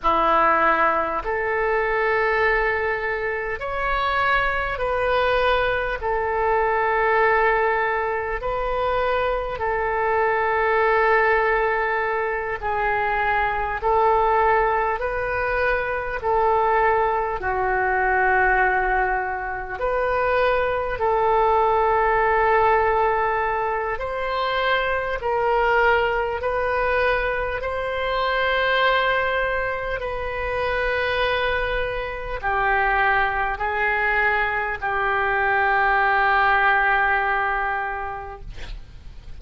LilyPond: \new Staff \with { instrumentName = "oboe" } { \time 4/4 \tempo 4 = 50 e'4 a'2 cis''4 | b'4 a'2 b'4 | a'2~ a'8 gis'4 a'8~ | a'8 b'4 a'4 fis'4.~ |
fis'8 b'4 a'2~ a'8 | c''4 ais'4 b'4 c''4~ | c''4 b'2 g'4 | gis'4 g'2. | }